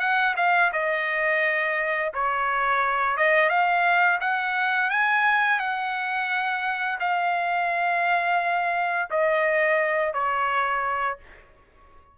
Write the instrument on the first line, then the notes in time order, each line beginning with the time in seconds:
trumpet
0.00 F#5
0.37 F5
0.73 D#5
2.14 C#5
3.17 D#5
3.49 F5
4.21 F#5
4.90 G#5
5.59 F#5
7.00 F5
9.10 D#5
10.14 C#5